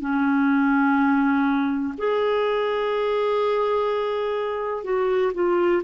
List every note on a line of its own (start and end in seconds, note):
0.00 1.94 C#4
1.98 4.83 G#4
4.83 5.32 F#4
5.34 5.82 F4